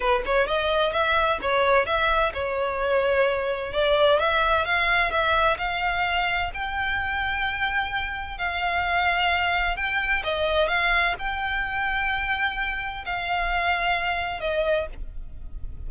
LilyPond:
\new Staff \with { instrumentName = "violin" } { \time 4/4 \tempo 4 = 129 b'8 cis''8 dis''4 e''4 cis''4 | e''4 cis''2. | d''4 e''4 f''4 e''4 | f''2 g''2~ |
g''2 f''2~ | f''4 g''4 dis''4 f''4 | g''1 | f''2. dis''4 | }